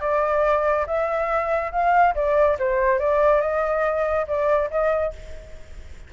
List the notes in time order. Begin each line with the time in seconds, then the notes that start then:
0.00 D5
0.86 E5
1.72 F5
2.15 D5
2.59 C5
2.98 D5
3.41 D#5
4.27 D5
4.70 D#5